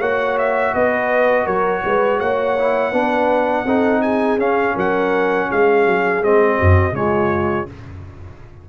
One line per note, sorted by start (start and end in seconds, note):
0.00 0.74 A#3
0.00 2.58 F#4
0.00 0.73 C#5
0.00 0.38 F#5
0.39 0.75 E5
0.74 1.47 B3
0.74 1.45 B4
0.74 1.47 D#5
1.45 1.84 F#3
1.45 1.82 A#4
1.45 2.20 C#5
1.85 2.21 G#3
1.85 2.20 B4
2.20 2.93 A#3
2.20 2.92 C#5
2.20 4.02 F#5
2.59 2.93 E4
2.92 3.65 B3
2.92 3.66 D4
2.92 3.65 B4
3.65 4.38 C4
3.65 4.40 D#4
3.65 4.02 A4
4.02 4.75 G#4
4.02 4.39 G#5
4.38 4.75 C#4
4.38 6.23 C#4
4.38 4.77 F5
4.75 5.50 F#3
4.75 5.48 A#4
4.75 5.51 F#5
5.49 5.87 G#3
5.49 6.58 G#4
5.49 6.24 F5
5.87 6.23 F#3
6.23 6.59 G#3
6.23 6.94 C4
6.23 6.95 D#5
6.58 6.93 F#2
6.58 6.94 F#4
6.93 7.66 C#3
6.93 7.67 G#3
6.93 7.70 F4
6.93 7.69 C#5